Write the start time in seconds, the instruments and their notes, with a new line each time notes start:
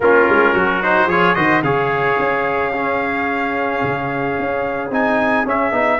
0.00 tuba A#3, trombone C#4, trumpet F4 A#4
0.29 tuba G#3
0.53 tuba F#3, trumpet F#4
0.82 trombone D#4, trumpet C5
1.06 tuba F3, trombone F4, trumpet G#4 C#5
1.34 tuba D#3, trombone F#4, trumpet C5 D#5
1.61 tuba C#3, trombone G#4, trumpet C#5 F5
2.18 tuba C#4
2.72 trombone C#4, trumpet G#4
3.83 tuba C#3
4.38 tuba C#4
4.89 tuba C4, trombone D#4, trumpet G#5
5.45 trombone C#4, tuba C#4, trumpet E5
5.71 tuba B3, trombone D#4